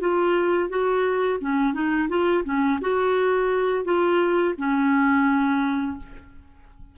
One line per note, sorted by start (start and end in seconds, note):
0.00 0.69 F4
0.69 1.39 F#4
1.40 1.73 C#4
1.73 2.08 D#4
2.09 2.44 F4
2.45 2.79 C#4
2.81 3.84 F#4
3.84 4.54 F4
4.58 5.97 C#4